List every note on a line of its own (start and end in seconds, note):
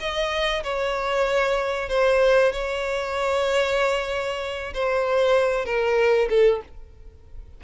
0.00 0.63 D#5
0.63 1.89 C#5
1.89 2.52 C5
2.52 4.73 C#5
4.74 5.66 C5
5.66 6.29 A#4
6.30 6.61 A4